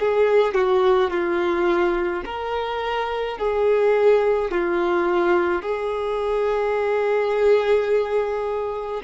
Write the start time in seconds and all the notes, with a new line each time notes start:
0.00 G#4
0.55 F#4
1.11 F4
2.26 A#4
3.39 G#4
4.52 F4
5.62 G#4